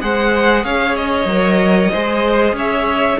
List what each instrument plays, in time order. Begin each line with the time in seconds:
0.00 cello G#3, viola G#4, violin C5 F#5
0.64 cello C#4, violin C#5 F5
0.96 violin D#5
1.25 cello F#3, viola A#4
1.92 cello G#3, viola G#4, violin C5
2.53 cello C#4, violin C#5 E5